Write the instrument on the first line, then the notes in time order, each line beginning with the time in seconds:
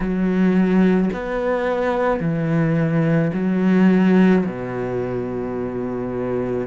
cello
0.00 F#3
1.13 B3
2.20 E3
3.33 F#3
4.45 B2